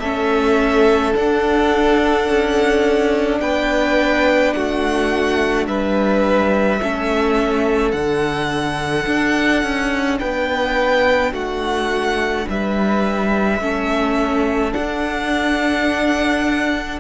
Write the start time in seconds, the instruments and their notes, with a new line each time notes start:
0.00 cello A3, viola C#4, violin A4 E5
1.14 viola D4, cello D4, violin F#5
2.29 cello C#4
3.40 cello B3, violin B4 G5
4.53 cello A3, violin F#4 F#5
5.67 cello G3, violin B4 E5
6.82 cello A3, viola C#4, violin A4
7.92 cello D3, viola D4, violin F#5
9.07 cello D4
9.63 cello C#4
10.20 cello B3, violin B4 G5
11.32 cello A3, violin F#4 F#5
12.49 cello G3, violin B4 E5
13.61 cello A3, viola C#4, violin A4
14.72 viola D4, cello D4, violin F#5